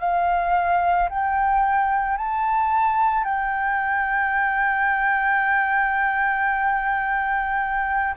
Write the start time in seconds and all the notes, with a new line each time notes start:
0.00 F5
1.10 G5
2.18 A5
3.24 G5